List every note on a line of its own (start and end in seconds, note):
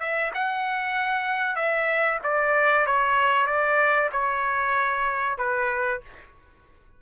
0.00 0.32 E5
0.34 1.56 F#5
1.56 2.19 E5
2.23 2.87 D5
2.87 3.47 C#5
3.47 4.10 D5
4.12 5.38 C#5
5.38 6.01 B4